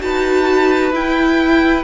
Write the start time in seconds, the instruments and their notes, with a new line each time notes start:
0.00 cello D#4, viola F#4, violin B4 A5
0.91 cello E4, viola E4, violin G5